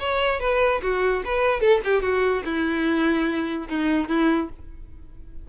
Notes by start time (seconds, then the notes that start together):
0.00 C#5
0.41 B4
0.83 F#4
1.25 B4
1.61 A4
1.85 G4
2.02 F#4
2.46 E4
3.69 D#4
4.09 E4